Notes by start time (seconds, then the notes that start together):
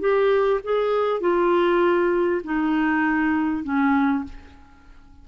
0.00 G4
0.64 G#4
1.21 F4
2.44 D#4
3.64 C#4